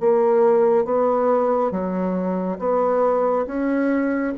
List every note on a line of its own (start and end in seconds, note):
0.00 0.85 A#3
0.85 1.71 B3
1.71 2.58 F#3
2.59 3.46 B3
3.47 4.34 C#4